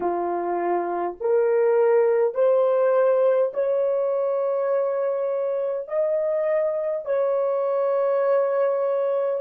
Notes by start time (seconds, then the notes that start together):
0.00 F4
1.20 A#4
2.34 C5
3.53 C#5
5.88 D#5
7.05 C#5